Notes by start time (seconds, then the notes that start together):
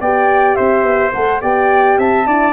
0.00 B3 G4 D5 G5
0.54 C4 C5 E5
0.83 B3
1.12 A3 A4 F#5
1.41 B3 G4 D5 G5
1.98 C4 E5 A5
2.26 D4 E4 D5